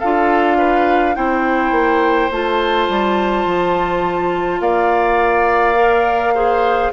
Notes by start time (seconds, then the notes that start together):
0.00 D4 F4 A4 F5
0.58 B4
1.15 C4 E4 C5 G5
1.72 A#3
2.31 A3 F4 A5
2.89 G3
3.46 F3
4.60 A#3 D5 F5
5.76 A#4
6.35 G#4 C5